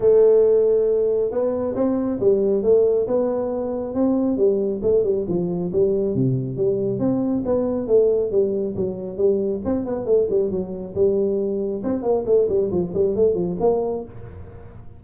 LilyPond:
\new Staff \with { instrumentName = "tuba" } { \time 4/4 \tempo 4 = 137 a2. b4 | c'4 g4 a4 b4~ | b4 c'4 g4 a8 g8 | f4 g4 c4 g4 |
c'4 b4 a4 g4 | fis4 g4 c'8 b8 a8 g8 | fis4 g2 c'8 ais8 | a8 g8 f8 g8 a8 f8 ais4 | }